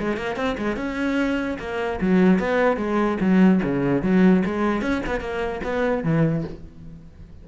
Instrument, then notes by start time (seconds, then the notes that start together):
cello
0.00 G#3
0.17 A#3
0.36 C4
0.58 G#3
0.77 C#4
1.60 A#3
2.01 F#3
2.40 B3
2.77 G#3
3.21 F#3
3.63 C#3
4.03 F#3
4.46 G#3
4.82 C#4
5.07 B3
5.21 A#3
5.64 B3
6.04 E3